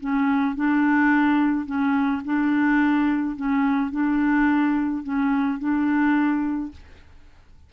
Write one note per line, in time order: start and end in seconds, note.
0.00 0.55 C#4
0.55 1.66 D4
1.66 2.22 C#4
2.25 3.36 D4
3.36 3.91 C#4
3.91 5.03 D4
5.03 5.59 C#4
5.59 6.71 D4